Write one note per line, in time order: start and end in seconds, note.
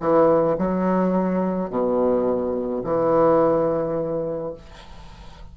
0.00 0.57 E3
0.58 1.70 F#3
1.70 2.83 B2
2.84 4.53 E3